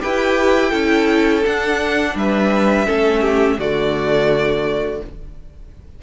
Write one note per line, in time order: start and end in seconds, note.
0.00 0.72 E4
0.00 0.70 G4
0.00 0.69 B4
0.00 1.44 G5
0.69 1.44 C#4
0.69 1.42 E4
0.69 2.12 A4
1.45 2.86 D4
1.45 2.15 D4
1.45 2.17 F#5
2.15 2.86 G3
2.15 2.86 B4
2.15 3.59 E5
2.86 3.58 A3
2.86 3.57 C#4
2.86 3.21 A4
3.21 3.57 G4
3.58 5.00 D3
3.58 5.02 A3
3.58 5.01 F#4
3.58 5.02 D5